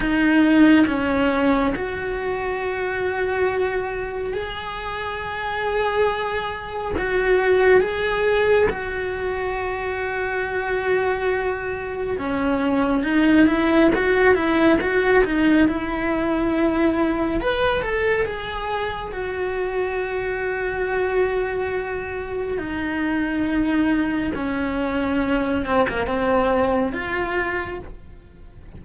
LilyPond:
\new Staff \with { instrumentName = "cello" } { \time 4/4 \tempo 4 = 69 dis'4 cis'4 fis'2~ | fis'4 gis'2. | fis'4 gis'4 fis'2~ | fis'2 cis'4 dis'8 e'8 |
fis'8 e'8 fis'8 dis'8 e'2 | b'8 a'8 gis'4 fis'2~ | fis'2 dis'2 | cis'4. c'16 ais16 c'4 f'4 | }